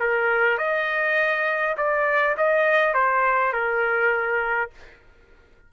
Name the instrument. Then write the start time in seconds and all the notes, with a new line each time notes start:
trumpet
0.00 A#4
0.58 D#5
1.78 D5
2.37 D#5
2.94 C5
3.53 A#4